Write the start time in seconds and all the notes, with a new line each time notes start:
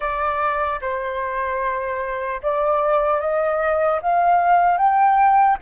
0.00 D5
0.81 C5
2.42 D5
3.20 D#5
4.01 F5
4.77 G5